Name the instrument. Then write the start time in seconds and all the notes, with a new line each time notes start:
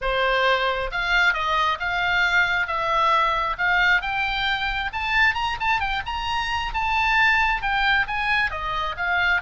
oboe
0.01 C5
0.91 F5
1.33 D#5
1.79 F5
2.67 E5
3.58 F5
4.01 G5
4.92 A5
5.34 A#5
5.60 A5
5.80 G5
6.06 A#5
6.73 A5
7.62 G5
8.07 G#5
8.50 D#5
8.97 F5